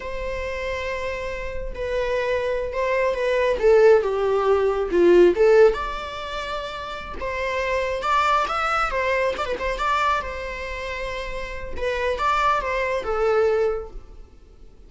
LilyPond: \new Staff \with { instrumentName = "viola" } { \time 4/4 \tempo 4 = 138 c''1 | b'2~ b'16 c''4 b'8.~ | b'16 a'4 g'2 f'8.~ | f'16 a'4 d''2~ d''8.~ |
d''8 c''2 d''4 e''8~ | e''8 c''4 d''16 b'16 c''8 d''4 c''8~ | c''2. b'4 | d''4 c''4 a'2 | }